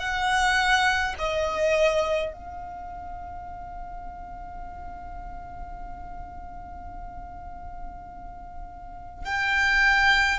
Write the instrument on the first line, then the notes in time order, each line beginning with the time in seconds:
violin
0.00 F#5
1.19 D#5
2.34 F5
9.25 G5